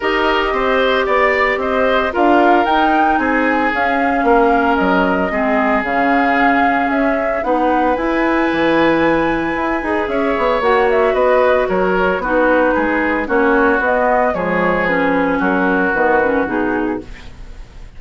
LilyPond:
<<
  \new Staff \with { instrumentName = "flute" } { \time 4/4 \tempo 4 = 113 dis''2 d''4 dis''4 | f''4 g''4 gis''4 f''4~ | f''4 dis''2 f''4~ | f''4 e''4 fis''4 gis''4~ |
gis''2. e''4 | fis''8 e''8 dis''4 cis''4 b'4~ | b'4 cis''4 dis''4 cis''4 | b'4 ais'4 b'4 gis'4 | }
  \new Staff \with { instrumentName = "oboe" } { \time 4/4 ais'4 c''4 d''4 c''4 | ais'2 gis'2 | ais'2 gis'2~ | gis'2 b'2~ |
b'2. cis''4~ | cis''4 b'4 ais'4 fis'4 | gis'4 fis'2 gis'4~ | gis'4 fis'2. | }
  \new Staff \with { instrumentName = "clarinet" } { \time 4/4 g'1 | f'4 dis'2 cis'4~ | cis'2 c'4 cis'4~ | cis'2 dis'4 e'4~ |
e'2~ e'8 gis'4. | fis'2. dis'4~ | dis'4 cis'4 b4 gis4 | cis'2 b8 cis'8 dis'4 | }
  \new Staff \with { instrumentName = "bassoon" } { \time 4/4 dis'4 c'4 b4 c'4 | d'4 dis'4 c'4 cis'4 | ais4 fis4 gis4 cis4~ | cis4 cis'4 b4 e'4 |
e2 e'8 dis'8 cis'8 b8 | ais4 b4 fis4 b4 | gis4 ais4 b4 f4~ | f4 fis4 dis4 b,4 | }
>>